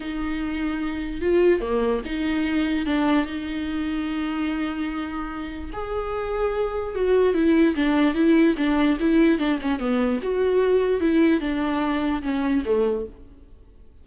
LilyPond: \new Staff \with { instrumentName = "viola" } { \time 4/4 \tempo 4 = 147 dis'2. f'4 | ais4 dis'2 d'4 | dis'1~ | dis'2 gis'2~ |
gis'4 fis'4 e'4 d'4 | e'4 d'4 e'4 d'8 cis'8 | b4 fis'2 e'4 | d'2 cis'4 a4 | }